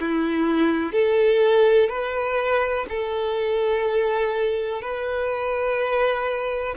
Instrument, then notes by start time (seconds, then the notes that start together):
violin
0.00 E4
0.93 A4
1.90 B4
2.90 A4
4.82 B4